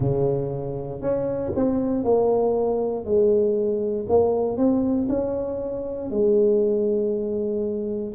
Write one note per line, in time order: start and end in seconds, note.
0.00 1.01 C#3
1.01 1.52 C#4
1.55 2.03 C4
2.03 3.05 A#3
3.05 4.06 G#3
4.08 4.57 A#3
4.57 5.08 C4
5.08 6.10 C#4
6.10 8.14 G#3